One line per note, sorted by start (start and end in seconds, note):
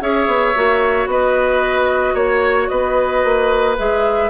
0.00 0.26 C#4
0.00 0.54 G#4
0.00 1.09 C#5
0.00 1.08 E5
0.26 0.53 B3
0.54 1.06 A#3
0.54 3.76 F#4
1.06 2.13 B3
1.06 2.14 B4
1.06 2.16 D#5
2.14 2.67 A#3
2.14 2.67 C#5
2.14 2.68 C#5
2.68 3.24 B3
2.68 4.29 B4
2.68 3.75 D#5
3.24 3.77 A#3
3.77 4.29 G#3
3.77 4.29 G#4
3.77 4.29 E5